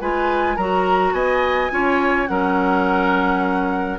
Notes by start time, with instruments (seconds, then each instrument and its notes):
0.00 bassoon G#3, clarinet F4, oboe B4, flute G#5
0.56 bassoon F#3, clarinet F#4, oboe A#4, flute A#5
1.12 bassoon B3, oboe D#5, flute G#5
1.70 bassoon C#4, clarinet F4, oboe C#5
2.27 bassoon F#3, clarinet C#4, oboe A#4, flute F#5